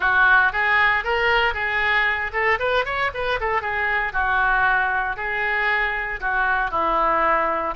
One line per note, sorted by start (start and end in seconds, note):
0.00 0.52 F#4
0.52 1.03 G#4
1.04 1.54 A#4
1.54 2.31 G#4
2.33 2.58 A4
2.59 2.85 B4
2.85 3.11 C#5
3.13 3.39 B4
3.40 3.61 A4
3.61 4.12 G#4
4.12 5.16 F#4
5.16 6.20 G#4
6.20 6.71 F#4
6.71 7.74 E4